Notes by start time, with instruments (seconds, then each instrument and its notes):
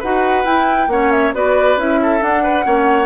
0.00 bassoon D#4, clarinet F#4, oboe B4, flute F#5
0.45 bassoon E4, clarinet E4, flute G5
0.88 bassoon A#3, clarinet C#4, oboe C#5, flute F#5
1.12 flute E5
1.34 bassoon B3, clarinet F#4, oboe B4, flute D5
1.77 bassoon C#4, clarinet E4, flute E5
2.03 oboe A4
2.21 clarinet D4, bassoon D4, flute F#5
2.44 oboe B4
2.64 bassoon A#3, clarinet C#4, oboe C#5